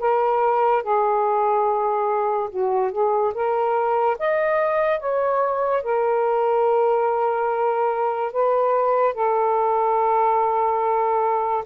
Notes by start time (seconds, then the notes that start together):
0.00 A#4
0.83 G#4
2.50 F#4
2.92 G#4
3.34 A#4
4.19 D#5
5.00 C#5
5.83 A#4
8.32 B4
9.14 A4